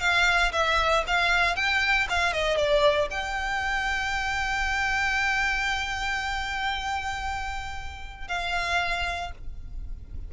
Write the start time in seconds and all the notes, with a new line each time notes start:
0.00 F5
0.52 E5
1.07 F5
1.56 G5
2.10 F5
2.33 D#5
2.57 D5
3.11 G5
8.28 F5